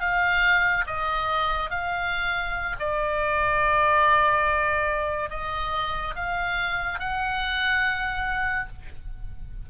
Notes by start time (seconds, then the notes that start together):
0.00 F5
0.86 D#5
1.70 F5
2.79 D5
5.30 D#5
6.15 F5
6.99 F#5